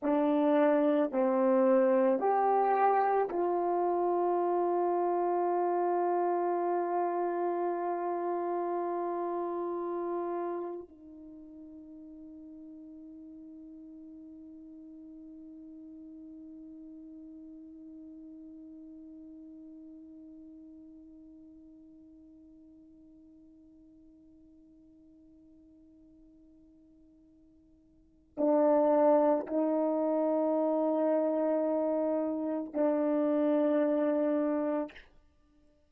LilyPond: \new Staff \with { instrumentName = "horn" } { \time 4/4 \tempo 4 = 55 d'4 c'4 g'4 f'4~ | f'1~ | f'2 dis'2~ | dis'1~ |
dis'1~ | dis'1~ | dis'2 d'4 dis'4~ | dis'2 d'2 | }